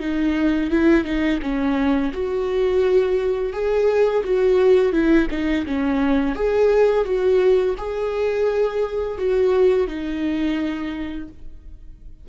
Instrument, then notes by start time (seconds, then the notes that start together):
viola
0.00 D#4
0.71 E4
1.05 D#4
1.42 C#4
2.13 F#4
3.53 G#4
4.24 F#4
4.93 E4
5.30 D#4
5.66 C#4
6.35 G#4
7.05 F#4
7.78 G#4
9.18 F#4
9.87 D#4